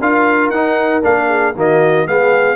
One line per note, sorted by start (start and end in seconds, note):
0.00 0.50 D4
0.00 0.54 F4
0.00 1.28 A#4
0.00 0.50 F5
0.50 1.02 D#4
0.50 1.03 D#4
0.50 1.02 F#5
1.03 1.56 A#3
1.03 1.54 D4
1.03 1.56 F5
1.28 1.54 G#4
1.55 2.07 D#3
1.55 2.07 A#3
1.55 2.07 F#4
1.55 2.08 D#5
2.07 2.56 G#3
2.07 2.56 B3
2.07 2.56 G#4
2.07 2.56 F5